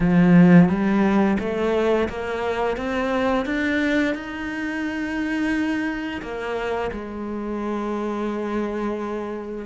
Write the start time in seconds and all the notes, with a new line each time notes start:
0.00 F3
0.68 G3
1.39 A3
2.08 A#3
2.76 C4
3.45 D4
4.14 D#4
6.21 A#3
6.91 G#3